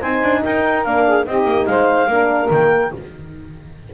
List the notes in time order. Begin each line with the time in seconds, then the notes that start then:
0.00 C4 D#4 C5 G#5
0.23 D4
0.43 D#4 A#4 G5
0.84 A#3 D4 F5
1.06 G#4
1.26 C4 D#4 G4 D#5
1.45 A#3
1.66 G#3 C5 F5
2.08 A#3 D4 A#4
2.50 D#3 A#3 G5